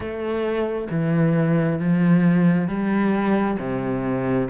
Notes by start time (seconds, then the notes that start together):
0.00 A3
0.90 E3
1.79 F3
2.68 G3
3.59 C3